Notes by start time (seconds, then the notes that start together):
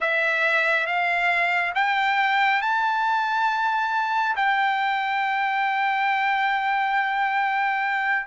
0.00 E5
0.86 F5
1.74 G5
2.61 A5
4.36 G5